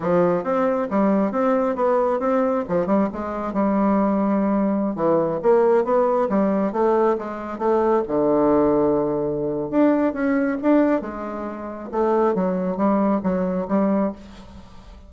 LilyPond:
\new Staff \with { instrumentName = "bassoon" } { \time 4/4 \tempo 4 = 136 f4 c'4 g4 c'4 | b4 c'4 f8 g8 gis4 | g2.~ g16 e8.~ | e16 ais4 b4 g4 a8.~ |
a16 gis4 a4 d4.~ d16~ | d2 d'4 cis'4 | d'4 gis2 a4 | fis4 g4 fis4 g4 | }